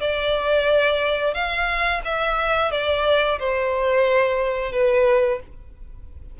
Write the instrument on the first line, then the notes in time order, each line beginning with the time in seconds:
violin
0.00 D5
1.33 F5
2.04 E5
2.71 D5
3.39 C5
4.72 B4